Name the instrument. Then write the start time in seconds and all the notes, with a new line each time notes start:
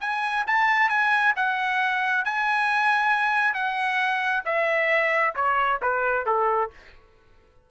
trumpet
0.00 G#5
0.46 A5
0.89 G#5
1.36 F#5
2.25 G#5
3.54 F#5
4.45 E5
5.35 C#5
5.82 B4
6.26 A4